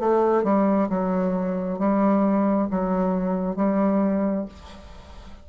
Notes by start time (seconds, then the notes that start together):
0.00 A3
0.44 G3
0.90 F#3
1.80 G3
2.71 F#3
3.57 G3